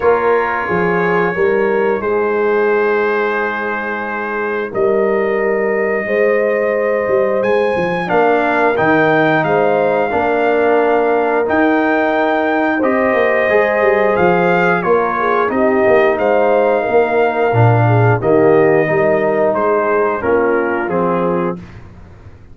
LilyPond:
<<
  \new Staff \with { instrumentName = "trumpet" } { \time 4/4 \tempo 4 = 89 cis''2. c''4~ | c''2. dis''4~ | dis''2. gis''4 | f''4 g''4 f''2~ |
f''4 g''2 dis''4~ | dis''4 f''4 cis''4 dis''4 | f''2. dis''4~ | dis''4 c''4 ais'4 gis'4 | }
  \new Staff \with { instrumentName = "horn" } { \time 4/4 ais'4 gis'4 ais'4 gis'4~ | gis'2. ais'4~ | ais'4 c''2. | ais'2 c''4 ais'4~ |
ais'2. c''4~ | c''2 ais'8 gis'8 g'4 | c''4 ais'4. gis'8 g'4 | ais'4 gis'4 f'2 | }
  \new Staff \with { instrumentName = "trombone" } { \time 4/4 f'2 dis'2~ | dis'1~ | dis'1 | d'4 dis'2 d'4~ |
d'4 dis'2 g'4 | gis'2 f'4 dis'4~ | dis'2 d'4 ais4 | dis'2 cis'4 c'4 | }
  \new Staff \with { instrumentName = "tuba" } { \time 4/4 ais4 f4 g4 gis4~ | gis2. g4~ | g4 gis4. g8 gis8 f8 | ais4 dis4 gis4 ais4~ |
ais4 dis'2 c'8 ais8 | gis8 g8 f4 ais4 c'8 ais8 | gis4 ais4 ais,4 dis4 | g4 gis4 ais4 f4 | }
>>